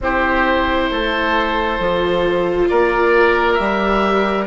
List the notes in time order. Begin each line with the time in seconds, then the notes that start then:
0.01 C4 E4 G4 C5
0.90 A3 A4
1.79 F3 F4
2.68 A#3 A#4 D5
3.54 G3 G4 E5